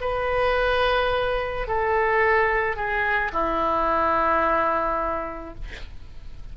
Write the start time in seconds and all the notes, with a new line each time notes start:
0.00 B4
1.67 A4
2.76 G#4
3.32 E4